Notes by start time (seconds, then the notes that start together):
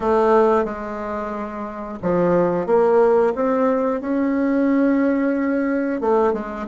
0.00 A3
0.65 G#3
2.02 F3
2.66 A#3
3.35 C4
4.00 C#4
6.00 A3
6.33 G#3